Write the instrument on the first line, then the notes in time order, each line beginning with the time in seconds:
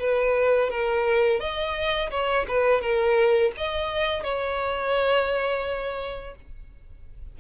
violin
0.00 B4
0.71 A#4
1.40 D#5
2.11 C#5
2.48 B4
2.82 A#4
3.57 D#5
4.24 C#5